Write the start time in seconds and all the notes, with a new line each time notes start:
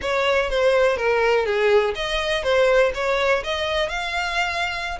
0.01 C#5
0.50 C5
0.96 A#4
1.45 G#4
1.95 D#5
2.43 C5
2.94 C#5
3.43 D#5
3.88 F5